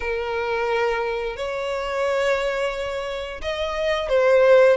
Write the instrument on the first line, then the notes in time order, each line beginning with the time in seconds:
violin
0.00 A#4
1.36 C#5
3.41 D#5
4.08 C5